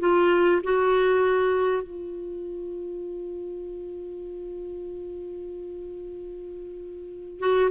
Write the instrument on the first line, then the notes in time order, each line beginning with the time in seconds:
clarinet
0.00 F4
0.64 F#4
1.83 F4
7.40 F#4